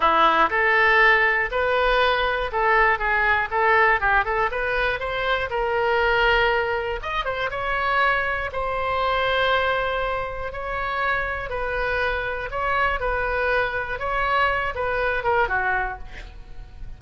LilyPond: \new Staff \with { instrumentName = "oboe" } { \time 4/4 \tempo 4 = 120 e'4 a'2 b'4~ | b'4 a'4 gis'4 a'4 | g'8 a'8 b'4 c''4 ais'4~ | ais'2 dis''8 c''8 cis''4~ |
cis''4 c''2.~ | c''4 cis''2 b'4~ | b'4 cis''4 b'2 | cis''4. b'4 ais'8 fis'4 | }